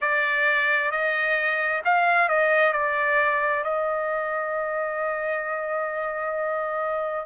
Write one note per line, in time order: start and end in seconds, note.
0.01 0.91 D5
0.91 1.82 D#5
1.84 2.28 F5
2.28 2.73 D#5
2.73 3.64 D5
3.64 7.26 D#5